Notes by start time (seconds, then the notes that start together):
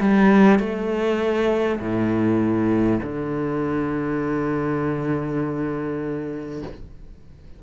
0.00 G3
0.59 A3
1.79 A2
3.03 D3